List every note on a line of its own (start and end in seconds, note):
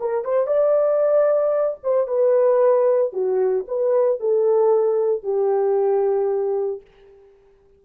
0.00 0.24 A#4
0.24 0.47 C5
0.47 1.78 D5
1.83 2.07 C5
2.07 3.13 B4
3.13 3.66 F#4
3.67 4.20 B4
4.20 5.23 A4
5.23 6.81 G4